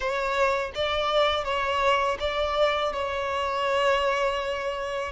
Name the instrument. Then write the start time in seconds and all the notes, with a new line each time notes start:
violin
0.00 C#5
0.75 D5
1.44 C#5
2.20 D5
2.92 C#5